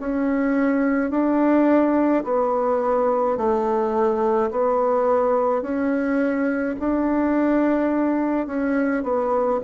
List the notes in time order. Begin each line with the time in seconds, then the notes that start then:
0.00 C#4
1.11 D4
2.24 B3
3.38 A3
4.51 B3
5.62 C#4
6.80 D4
8.48 C#4
9.04 B3